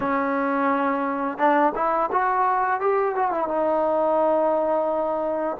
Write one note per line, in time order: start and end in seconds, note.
0.00 1.38 C#4
1.38 1.73 D4
1.75 2.10 E4
2.12 2.80 F#4
2.80 3.15 G4
3.15 3.31 F#4
3.31 3.47 E4
3.47 5.57 D#4